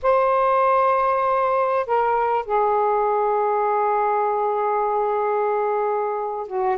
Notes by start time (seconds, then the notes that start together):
0.02 C5
1.86 A#4
2.45 G#4
6.47 F#4